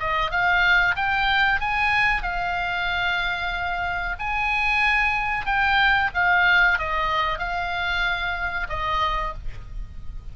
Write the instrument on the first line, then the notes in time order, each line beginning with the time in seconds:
oboe
0.00 D#5
0.31 F5
0.96 G5
1.60 G#5
2.23 F5
4.19 G#5
5.46 G5
6.14 F5
6.79 D#5
7.39 F5
8.69 D#5